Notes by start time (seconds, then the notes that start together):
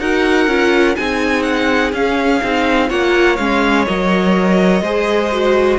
0.00 D#4 F#4 A#4 F#5
0.47 C#4 F4
0.96 C4 D#4 G#4 G#5
1.43 F#5
1.93 C#4 F5
2.44 C4 D#4
2.89 A#3 F4 C#5 F#5
3.36 G#3 C#4 F5
3.87 F#3 A#4 D#5
4.82 G#3 G#4 C5
5.32 F#4